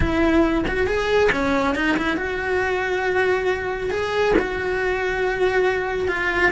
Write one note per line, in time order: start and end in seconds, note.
0.00 0.64 E4
0.67 0.86 F#4
0.86 1.30 G#4
1.32 1.75 C#4
1.75 1.96 D#4
1.97 2.16 E4
2.16 3.90 F#4
3.90 4.34 G#4
4.39 6.08 F#4
6.08 6.51 F4